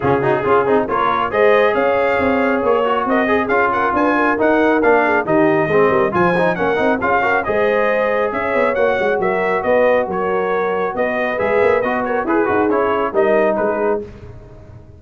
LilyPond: <<
  \new Staff \with { instrumentName = "trumpet" } { \time 4/4 \tempo 4 = 137 gis'2 cis''4 dis''4 | f''2 cis''4 dis''4 | f''8 fis''8 gis''4 fis''4 f''4 | dis''2 gis''4 fis''4 |
f''4 dis''2 e''4 | fis''4 e''4 dis''4 cis''4~ | cis''4 dis''4 e''4 dis''8 cis''8 | b'4 cis''4 dis''4 b'4 | }
  \new Staff \with { instrumentName = "horn" } { \time 4/4 f'8 fis'8 gis'4 ais'4 c''4 | cis''2. ais'8 gis'8~ | gis'8 ais'8 b'8 ais'2 gis'8 | g'4 gis'8 ais'8 c''4 ais'4 |
gis'8 ais'8 c''2 cis''4~ | cis''4 ais'4 b'4 ais'4~ | ais'4 b'2~ b'8 ais'8 | gis'2 ais'4 gis'4 | }
  \new Staff \with { instrumentName = "trombone" } { \time 4/4 cis'8 dis'8 f'8 dis'8 f'4 gis'4~ | gis'2~ gis'8 fis'4 gis'8 | f'2 dis'4 d'4 | dis'4 c'4 f'8 dis'8 cis'8 dis'8 |
f'8 fis'8 gis'2. | fis'1~ | fis'2 gis'4 fis'4 | gis'8 fis'8 e'4 dis'2 | }
  \new Staff \with { instrumentName = "tuba" } { \time 4/4 cis4 cis'8 c'8 ais4 gis4 | cis'4 c'4 ais4 c'4 | cis'4 d'4 dis'4 ais4 | dis4 gis8 g8 f4 ais8 c'8 |
cis'4 gis2 cis'8 b8 | ais8 gis8 fis4 b4 fis4~ | fis4 b4 gis8 ais8 b4 | e'8 dis'8 cis'4 g4 gis4 | }
>>